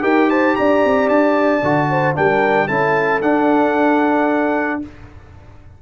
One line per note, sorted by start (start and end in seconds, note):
0.00 0.55 D#4
0.00 1.59 G4
0.00 0.28 A#4
0.00 0.29 G5
0.28 0.55 C5
0.28 0.55 A5
0.55 0.84 D4
0.55 1.89 D5
0.55 1.08 A#5
0.84 1.08 C4
1.08 1.61 D4
1.08 2.14 A5
1.62 2.16 D3
1.62 2.14 F#4
1.89 2.16 C5
2.14 2.69 G3
2.14 2.67 D4
2.14 2.67 A#4
2.14 2.67 G5
2.67 3.22 C#4
2.67 3.21 E4
2.67 4.79 A4
2.67 3.20 A5
3.21 4.81 D4
3.21 4.80 F#5